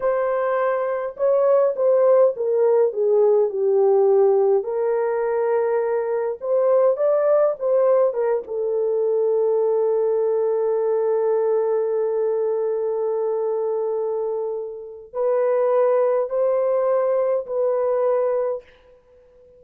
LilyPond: \new Staff \with { instrumentName = "horn" } { \time 4/4 \tempo 4 = 103 c''2 cis''4 c''4 | ais'4 gis'4 g'2 | ais'2. c''4 | d''4 c''4 ais'8 a'4.~ |
a'1~ | a'1~ | a'2 b'2 | c''2 b'2 | }